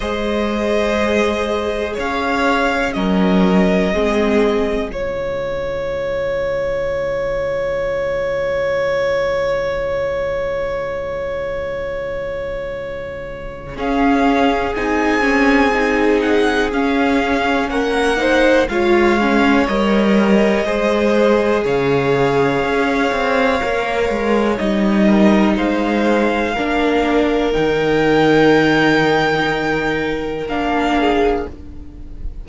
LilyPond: <<
  \new Staff \with { instrumentName = "violin" } { \time 4/4 \tempo 4 = 61 dis''2 f''4 dis''4~ | dis''4 cis''2.~ | cis''1~ | cis''2 f''4 gis''4~ |
gis''8 fis''8 f''4 fis''4 f''4 | dis''2 f''2~ | f''4 dis''4 f''2 | g''2. f''4 | }
  \new Staff \with { instrumentName = "violin" } { \time 4/4 c''2 cis''4 ais'4 | gis'4 f'2.~ | f'1~ | f'2 gis'2~ |
gis'2 ais'8 c''8 cis''4~ | cis''4 c''4 cis''2~ | cis''4. ais'8 c''4 ais'4~ | ais'2.~ ais'8 gis'8 | }
  \new Staff \with { instrumentName = "viola" } { \time 4/4 gis'2. cis'4 | c'4 gis2.~ | gis1~ | gis2 cis'4 dis'8 cis'8 |
dis'4 cis'4. dis'8 f'8 cis'8 | ais'4 gis'2. | ais'4 dis'2 d'4 | dis'2. d'4 | }
  \new Staff \with { instrumentName = "cello" } { \time 4/4 gis2 cis'4 fis4 | gis4 cis2.~ | cis1~ | cis2 cis'4 c'4~ |
c'4 cis'4 ais4 gis4 | g4 gis4 cis4 cis'8 c'8 | ais8 gis8 g4 gis4 ais4 | dis2. ais4 | }
>>